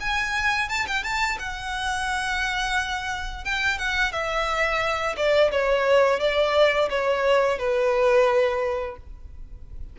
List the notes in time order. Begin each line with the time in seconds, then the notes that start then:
0.00 G#5
0.69 A5
0.87 G5
1.03 A5
1.39 F#5
3.45 G5
3.78 F#5
4.12 E5
5.17 D5
5.51 C#5
6.20 D5
6.90 C#5
7.58 B4